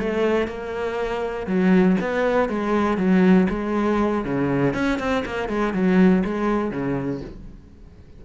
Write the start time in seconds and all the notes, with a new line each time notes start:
0.00 A3
0.48 A#3
1.47 F#3
2.01 B3
2.50 G#3
2.98 F#3
3.50 G#3
4.25 C#3
4.74 C#4
4.99 C4
5.26 A#3
5.49 G#3
5.74 F#3
6.25 G#3
6.71 C#3